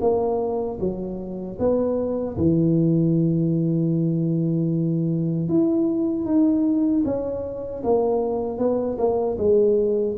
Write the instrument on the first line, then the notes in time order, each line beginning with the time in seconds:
tuba
0.00 A#3
0.79 F#3
1.58 B3
2.37 E3
5.48 E4
6.25 D#4
7.04 C#4
7.83 A#3
8.58 B3
8.98 A#3
9.38 G#3